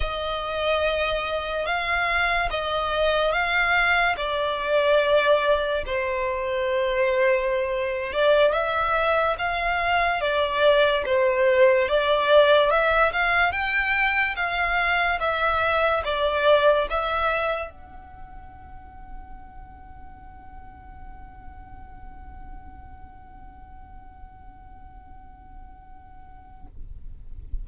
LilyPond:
\new Staff \with { instrumentName = "violin" } { \time 4/4 \tempo 4 = 72 dis''2 f''4 dis''4 | f''4 d''2 c''4~ | c''4.~ c''16 d''8 e''4 f''8.~ | f''16 d''4 c''4 d''4 e''8 f''16~ |
f''16 g''4 f''4 e''4 d''8.~ | d''16 e''4 fis''2~ fis''8.~ | fis''1~ | fis''1 | }